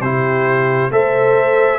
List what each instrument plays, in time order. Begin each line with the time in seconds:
0.00 tuba C3, trombone E4, horn G4, trumpet C5
0.90 tuba A3, trombone A4, horn C5, trumpet E5